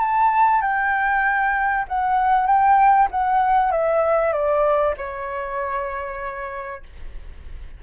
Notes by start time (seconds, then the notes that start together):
0.00 A5
0.62 G5
1.88 F#5
2.47 G5
3.11 F#5
3.72 E5
4.33 D5
4.98 C#5